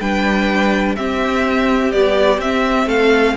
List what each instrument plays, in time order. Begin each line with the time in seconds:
0.00 cello G3, viola D4, violin B4 G5
0.96 viola C4, cello C4, violin G4 E5
1.92 viola G3, cello B3, violin D5
2.38 cello C4, viola C4, violin E5
2.86 cello A3, violin A4 F5